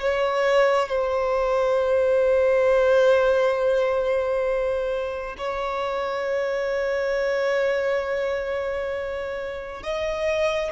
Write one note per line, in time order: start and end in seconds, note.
0.00 0.88 C#5
0.88 5.36 C5
5.38 9.83 C#5
9.83 10.72 D#5